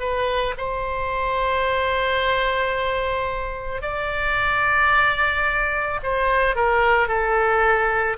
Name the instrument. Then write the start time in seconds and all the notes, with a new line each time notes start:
oboe
0.00 B4
0.58 C5
3.82 D5
6.03 C5
6.56 A#4
7.08 A4